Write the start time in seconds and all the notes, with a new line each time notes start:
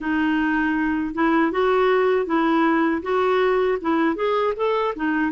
0.00 D#4
1.14 E4
1.51 F#4
2.26 E4
3.02 F#4
3.81 E4
4.15 G#4
4.56 A4
4.95 D#4